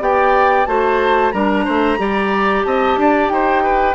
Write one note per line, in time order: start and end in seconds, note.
0.00 0.66 B3
0.00 0.66 G4
0.00 0.68 D5
0.00 0.66 G5
0.66 1.33 A3
0.66 1.32 F#4
0.66 1.34 C5
0.66 1.32 A5
1.32 1.66 G3
1.32 1.98 D4
1.32 1.65 A#4
1.32 2.63 A#5
1.65 1.98 A3
1.65 1.98 C5
1.98 2.64 G3
1.98 3.95 G4
1.98 2.67 D5
2.64 2.97 C4
2.64 3.00 D#5
2.64 3.29 A5
2.97 3.30 D4
2.97 3.33 D5
3.29 3.95 D#4
3.29 3.63 C5
3.29 3.95 G5
3.63 3.95 B4